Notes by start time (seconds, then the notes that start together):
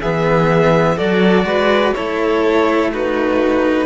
0.00 E3 B3 G#4 E5
0.97 F#3 F#4 A4 D5
1.44 G#3 B4
1.94 A3 E4 A4 C#5
2.92 D#4 F#4 B4